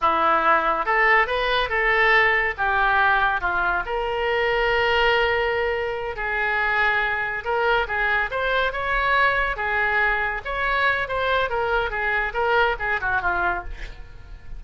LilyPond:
\new Staff \with { instrumentName = "oboe" } { \time 4/4 \tempo 4 = 141 e'2 a'4 b'4 | a'2 g'2 | f'4 ais'2.~ | ais'2~ ais'8 gis'4.~ |
gis'4. ais'4 gis'4 c''8~ | c''8 cis''2 gis'4.~ | gis'8 cis''4. c''4 ais'4 | gis'4 ais'4 gis'8 fis'8 f'4 | }